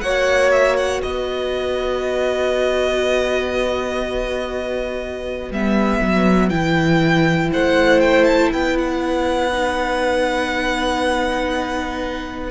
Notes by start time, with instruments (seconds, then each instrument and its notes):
0.00 cello A#3, viola F#4, violin C#5 F#5
0.51 violin E5
0.76 violin F#5
1.02 cello B3, violin B4 D#5
5.50 cello G3, viola B3, violin E5
6.01 cello F#3
6.49 cello E3, viola E4, violin G5
7.52 cello A3, violin C5 F#5
8.00 violin G5
8.24 violin A5
8.52 cello B3, violin B4 G5
8.77 violin F#5
9.51 viola D#4